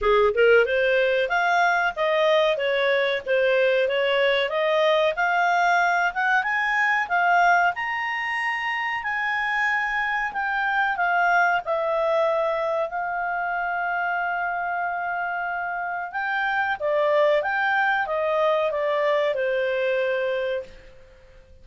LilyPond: \new Staff \with { instrumentName = "clarinet" } { \time 4/4 \tempo 4 = 93 gis'8 ais'8 c''4 f''4 dis''4 | cis''4 c''4 cis''4 dis''4 | f''4. fis''8 gis''4 f''4 | ais''2 gis''2 |
g''4 f''4 e''2 | f''1~ | f''4 g''4 d''4 g''4 | dis''4 d''4 c''2 | }